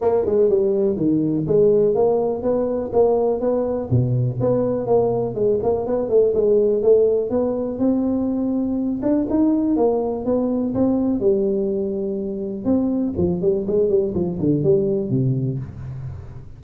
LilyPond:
\new Staff \with { instrumentName = "tuba" } { \time 4/4 \tempo 4 = 123 ais8 gis8 g4 dis4 gis4 | ais4 b4 ais4 b4 | b,4 b4 ais4 gis8 ais8 | b8 a8 gis4 a4 b4 |
c'2~ c'8 d'8 dis'4 | ais4 b4 c'4 g4~ | g2 c'4 f8 g8 | gis8 g8 f8 d8 g4 c4 | }